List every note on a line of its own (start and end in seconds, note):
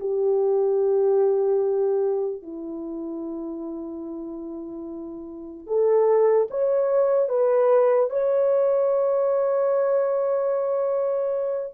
0.00 2.42 G4
2.42 5.66 E4
5.66 6.48 A4
6.50 7.29 C#5
7.29 8.10 B4
8.10 11.74 C#5